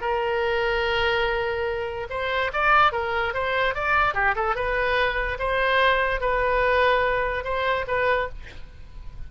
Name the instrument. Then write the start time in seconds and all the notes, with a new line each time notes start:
oboe
0.00 A#4
2.10 C5
2.53 D5
2.92 A#4
3.33 C5
3.74 D5
4.14 G4
4.35 A4
4.55 B4
5.38 C5
6.20 B4
7.44 C5
7.87 B4